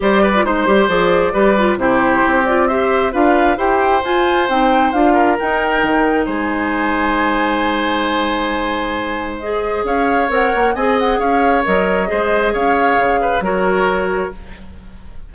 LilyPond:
<<
  \new Staff \with { instrumentName = "flute" } { \time 4/4 \tempo 4 = 134 d''4 c''4 d''2 | c''4. d''8 e''4 f''4 | g''4 gis''4 g''4 f''4 | g''2 gis''2~ |
gis''1~ | gis''4 dis''4 f''4 fis''4 | gis''8 fis''8 f''4 dis''2 | f''2 cis''2 | }
  \new Staff \with { instrumentName = "oboe" } { \time 4/4 c''8 b'8 c''2 b'4 | g'2 c''4 b'4 | c''2.~ c''8 ais'8~ | ais'2 c''2~ |
c''1~ | c''2 cis''2 | dis''4 cis''2 c''4 | cis''4. b'8 ais'2 | }
  \new Staff \with { instrumentName = "clarinet" } { \time 4/4 g'8. f'16 dis'8 g'8 gis'4 g'8 f'8 | e'4. f'8 g'4 f'4 | g'4 f'4 dis'4 f'4 | dis'1~ |
dis'1~ | dis'4 gis'2 ais'4 | gis'2 ais'4 gis'4~ | gis'2 fis'2 | }
  \new Staff \with { instrumentName = "bassoon" } { \time 4/4 g4 gis8 g8 f4 g4 | c4 c'2 d'4 | e'4 f'4 c'4 d'4 | dis'4 dis4 gis2~ |
gis1~ | gis2 cis'4 c'8 ais8 | c'4 cis'4 fis4 gis4 | cis'4 cis4 fis2 | }
>>